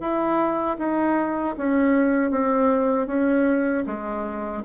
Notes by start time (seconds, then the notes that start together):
0.00 E4
0.78 D#4
1.57 C#4
2.31 C4
3.07 C#4
3.86 G#3